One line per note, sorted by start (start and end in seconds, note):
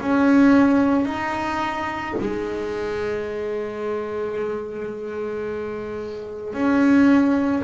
0.00 1.05 C#4
1.05 2.14 D#4
2.19 6.54 G#3
6.54 7.63 C#4